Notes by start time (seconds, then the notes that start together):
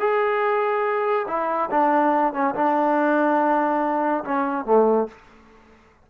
0.00 G#4
1.28 E4
1.71 D4
2.34 C#4
2.55 D4
4.25 C#4
4.66 A3